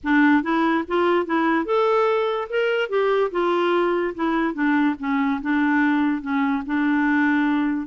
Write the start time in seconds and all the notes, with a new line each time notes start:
0.03 D4
0.43 E4
0.87 F4
1.25 E4
1.65 A4
2.49 A#4
2.89 G4
3.31 F4
4.14 E4
4.54 D4
4.99 C#4
5.41 D4
6.21 C#4
6.65 D4